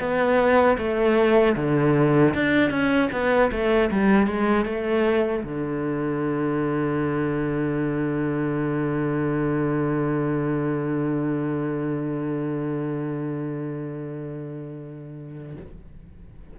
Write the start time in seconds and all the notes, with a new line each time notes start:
0.00 B3
0.78 A3
1.57 D3
2.35 D4
2.71 C#4
3.12 B3
3.52 A3
3.92 G3
4.28 G#3
4.66 A3
5.44 D3